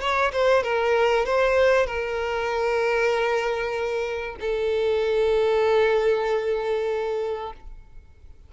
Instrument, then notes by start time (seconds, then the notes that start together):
violin
0.00 C#5
0.32 C5
0.63 A#4
1.25 C5
1.86 A#4
4.40 A4